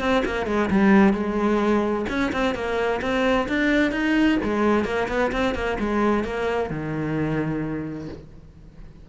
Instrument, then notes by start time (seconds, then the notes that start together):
cello
0.00 C4
0.25 A#3
0.46 G#3
0.70 G3
1.13 G#3
2.09 C#4
2.32 C4
2.54 A#3
3.01 C4
3.48 D4
3.91 D#4
4.43 G#3
4.84 A#3
5.08 B3
5.32 C4
5.54 A#3
5.80 G#3
6.24 A#3
6.70 D#3